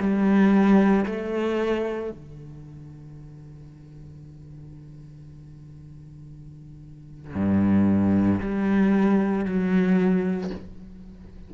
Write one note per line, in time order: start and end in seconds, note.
0.00 1.05 G3
1.06 2.11 A3
2.11 7.35 D3
7.35 8.40 G2
8.40 9.45 G3
9.45 10.51 F#3